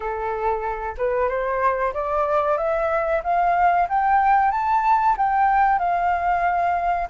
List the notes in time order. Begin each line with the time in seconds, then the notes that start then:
0.00 A4
0.97 B4
1.28 C5
1.93 D5
2.57 E5
3.23 F5
3.89 G5
4.51 A5
5.17 G5
5.79 F5